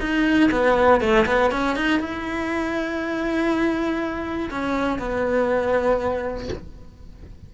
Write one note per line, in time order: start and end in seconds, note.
0.00 0.50 D#4
0.51 1.00 B3
1.00 1.25 A3
1.26 1.51 B3
1.51 1.76 C#4
1.76 1.99 D#4
1.99 4.49 E4
4.50 4.99 C#4
4.99 6.49 B3